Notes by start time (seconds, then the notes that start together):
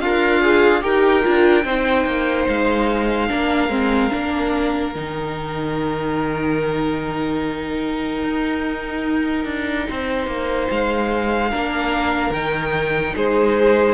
0.00 D4 F4 A#4 F5
0.41 G#4
0.81 D#4 G4 A#4 G5
1.22 D4 F4
1.64 C4 D#4 C5
2.06 A#3
2.48 G#3 F5
3.28 A#3 D4 A#4
3.68 G#3 C4
4.10 A#3 D4
4.95 D#3 D#4 G5
8.23 D#4
9.45 D4
9.89 C4 C5
10.27 A#3
10.70 G#3 F5
11.50 A#3 D4 A#4
12.30 D#3 D#4 G5
13.16 G#3 G#4 C5